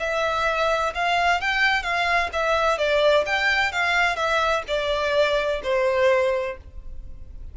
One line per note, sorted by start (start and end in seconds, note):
0.00 0.94 E5
0.95 1.41 F5
1.41 1.83 G5
1.83 2.30 F5
2.33 2.78 E5
2.78 3.25 D5
3.26 3.72 G5
3.72 4.17 F5
4.17 4.63 E5
4.68 5.62 D5
5.64 6.58 C5